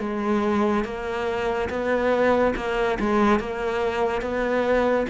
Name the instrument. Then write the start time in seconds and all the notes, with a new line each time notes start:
cello
0.00 G#3
0.85 A#3
1.70 B3
2.56 A#3
3.00 G#3
3.40 A#3
4.22 B3